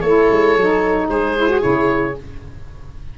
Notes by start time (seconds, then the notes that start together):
0.00 A3 E4 A4 C#5
0.30 G#3
0.56 F#3 D#4
1.09 G#3 G#4 C5
1.37 E4
1.49 F#4
1.60 C#3 E4 C#5